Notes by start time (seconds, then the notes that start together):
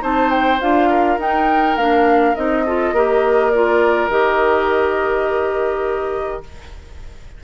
0.00 C4 D#4 C5 A5
0.30 G5
0.61 D4 F4 F5
0.89 A#4
1.18 D#4 G5
1.76 A#3 D4 F5
2.35 C4 D#4 D#5
2.65 F4 A4
2.92 A#3 G4 A#4
3.50 F4 D5
4.09 D#3 G4 D#5